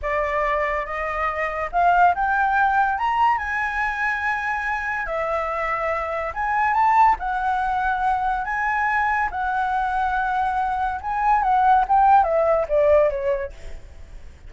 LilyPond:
\new Staff \with { instrumentName = "flute" } { \time 4/4 \tempo 4 = 142 d''2 dis''2 | f''4 g''2 ais''4 | gis''1 | e''2. gis''4 |
a''4 fis''2. | gis''2 fis''2~ | fis''2 gis''4 fis''4 | g''4 e''4 d''4 cis''4 | }